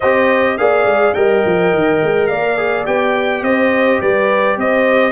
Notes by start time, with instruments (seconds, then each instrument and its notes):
0.00 tuba C4, trombone G4, horn C5, trumpet D#5
0.57 tuba A#3, trombone G#4, horn D5, trumpet F5
0.85 tuba G#3
1.14 tuba G3, trombone A#4, horn D#5, trumpet G5
1.45 tuba F3
1.73 tuba D#3
2.03 tuba G#3
2.27 tuba A#3, horn D5, trumpet F5
2.57 trombone G#4
2.85 tuba B3, trombone G4, trumpet G5
3.41 tuba C4, horn C5, trumpet D#5
4.00 tuba G3, horn B4, trumpet D5
4.57 tuba C4, horn C5, trumpet D#5